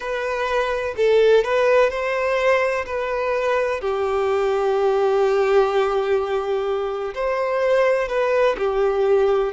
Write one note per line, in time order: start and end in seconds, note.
0.00 0.94 B4
0.97 1.44 A4
1.44 1.90 B4
1.90 2.85 C5
2.86 3.81 B4
3.81 7.14 G4
7.14 8.08 C5
8.08 8.56 B4
8.57 9.52 G4